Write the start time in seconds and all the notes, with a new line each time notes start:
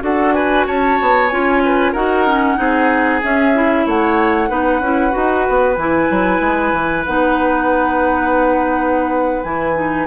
0.00 D4 F#4 A4 F#5
0.33 B4 G#5
0.66 C#4 C#5 A5
1.01 B3
1.28 C#4 F4 G#5
1.64 B4
1.92 D#4 F#4 A#4 F#5
2.26 C#4
2.57 C4 D#4 G#4
3.22 C#4 E5
3.54 E4
3.86 A3 C#5 F#5
4.49 B3 D#4 B4
4.80 C#4 E4
5.11 D#4 F#4
5.48 B3
5.75 E3 E4 G#5
6.10 F#3
6.40 G#3
6.72 E3
7.05 B3 D#4 F#5
9.43 E3 E4 G#5
9.75 D#4